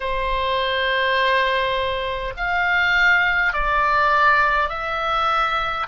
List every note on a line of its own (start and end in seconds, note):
0.00 2.33 C5
2.36 3.53 F5
3.53 4.69 D5
4.69 5.87 E5